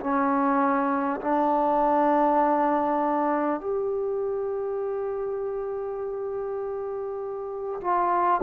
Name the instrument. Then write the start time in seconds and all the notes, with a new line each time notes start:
trombone
0.00 C#4
1.20 D4
3.60 G4
7.80 F4